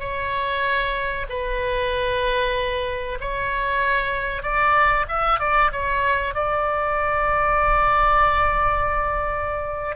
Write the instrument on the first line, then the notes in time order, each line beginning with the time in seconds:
oboe
0.00 C#5
1.29 B4
3.21 C#5
4.43 D5
5.09 E5
5.40 D5
5.73 C#5
6.35 D5